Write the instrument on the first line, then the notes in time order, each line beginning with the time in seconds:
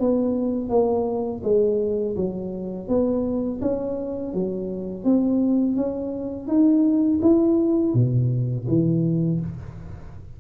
tuba
0.00 B3
0.70 A#3
1.44 G#3
2.17 F#3
2.88 B3
3.62 C#4
4.34 F#3
5.04 C4
5.77 C#4
6.48 D#4
7.22 E4
7.95 B2
8.68 E3